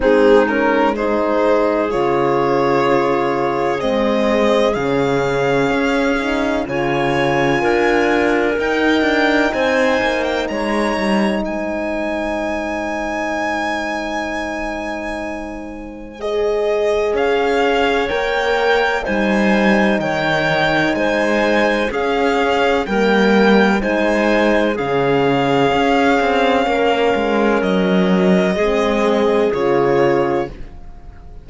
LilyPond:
<<
  \new Staff \with { instrumentName = "violin" } { \time 4/4 \tempo 4 = 63 gis'8 ais'8 c''4 cis''2 | dis''4 f''2 gis''4~ | gis''4 g''4 gis''8. g''16 ais''4 | gis''1~ |
gis''4 dis''4 f''4 g''4 | gis''4 g''4 gis''4 f''4 | g''4 gis''4 f''2~ | f''4 dis''2 cis''4 | }
  \new Staff \with { instrumentName = "clarinet" } { \time 4/4 dis'4 gis'2.~ | gis'2. cis''4 | ais'2 c''4 cis''4 | c''1~ |
c''2 cis''2 | c''4 cis''4 c''4 gis'4 | ais'4 c''4 gis'2 | ais'2 gis'2 | }
  \new Staff \with { instrumentName = "horn" } { \time 4/4 c'8 cis'8 dis'4 f'2 | c'4 cis'4. dis'8 f'4~ | f'4 dis'2.~ | dis'1~ |
dis'4 gis'2 ais'4 | dis'2. cis'4 | ais4 dis'4 cis'2~ | cis'2 c'4 f'4 | }
  \new Staff \with { instrumentName = "cello" } { \time 4/4 gis2 cis2 | gis4 cis4 cis'4 cis4 | d'4 dis'8 d'8 c'8 ais8 gis8 g8 | gis1~ |
gis2 cis'4 ais4 | g4 dis4 gis4 cis'4 | g4 gis4 cis4 cis'8 c'8 | ais8 gis8 fis4 gis4 cis4 | }
>>